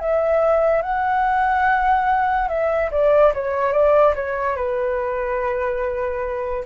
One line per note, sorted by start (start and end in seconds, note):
0.00 0.83 E5
0.83 2.49 F#5
2.49 2.91 E5
2.92 3.33 D5
3.34 3.73 C#5
3.73 4.14 D5
4.16 4.56 C#5
4.56 6.65 B4